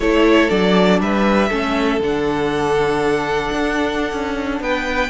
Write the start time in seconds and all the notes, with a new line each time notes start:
0.00 A3 E4 A4 C#5
0.49 F#3 D4 D5
1.00 G3 B4 E5
1.49 A3 C#4 A4
1.99 D3 D4 F#5
3.51 D4
4.12 C#4
4.60 B3 B4 G5